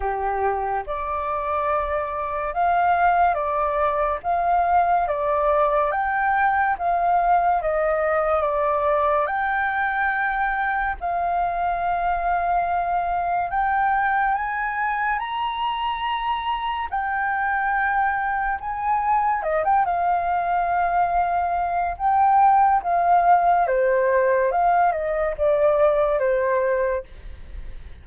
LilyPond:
\new Staff \with { instrumentName = "flute" } { \time 4/4 \tempo 4 = 71 g'4 d''2 f''4 | d''4 f''4 d''4 g''4 | f''4 dis''4 d''4 g''4~ | g''4 f''2. |
g''4 gis''4 ais''2 | g''2 gis''4 dis''16 g''16 f''8~ | f''2 g''4 f''4 | c''4 f''8 dis''8 d''4 c''4 | }